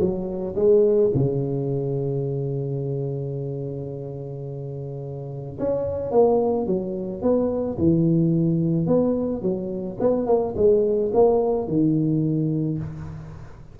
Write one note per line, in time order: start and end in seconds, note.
0.00 0.56 F#3
0.56 1.11 G#3
1.14 5.59 C#3
5.59 6.11 C#4
6.11 6.66 A#3
6.66 7.22 F#3
7.22 7.78 B3
7.78 8.87 E3
8.87 9.42 B3
9.42 9.98 F#3
10.00 10.27 B3
10.27 10.54 A#3
10.56 11.12 G#3
11.14 11.67 A#3
11.67 12.79 D#3